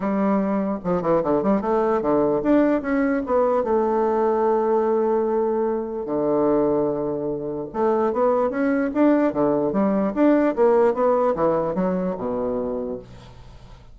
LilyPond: \new Staff \with { instrumentName = "bassoon" } { \time 4/4 \tempo 4 = 148 g2 f8 e8 d8 g8 | a4 d4 d'4 cis'4 | b4 a2.~ | a2. d4~ |
d2. a4 | b4 cis'4 d'4 d4 | g4 d'4 ais4 b4 | e4 fis4 b,2 | }